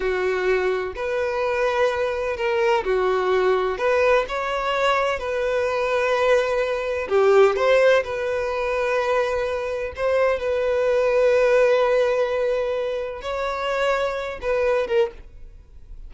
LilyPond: \new Staff \with { instrumentName = "violin" } { \time 4/4 \tempo 4 = 127 fis'2 b'2~ | b'4 ais'4 fis'2 | b'4 cis''2 b'4~ | b'2. g'4 |
c''4 b'2.~ | b'4 c''4 b'2~ | b'1 | cis''2~ cis''8 b'4 ais'8 | }